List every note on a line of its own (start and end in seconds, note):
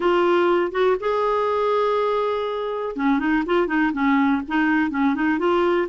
0.00 0.71 F4
0.71 0.96 F#4
0.99 2.96 G#4
2.96 3.19 C#4
3.19 3.43 D#4
3.46 3.67 F4
3.67 3.91 D#4
3.93 4.42 C#4
4.48 4.90 D#4
4.90 5.14 C#4
5.14 5.38 D#4
5.38 5.87 F4